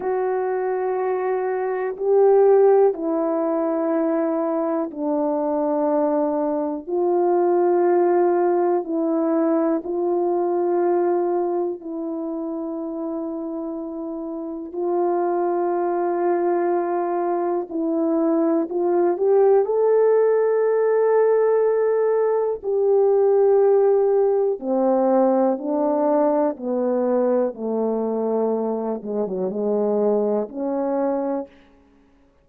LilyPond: \new Staff \with { instrumentName = "horn" } { \time 4/4 \tempo 4 = 61 fis'2 g'4 e'4~ | e'4 d'2 f'4~ | f'4 e'4 f'2 | e'2. f'4~ |
f'2 e'4 f'8 g'8 | a'2. g'4~ | g'4 c'4 d'4 b4 | a4. gis16 fis16 gis4 cis'4 | }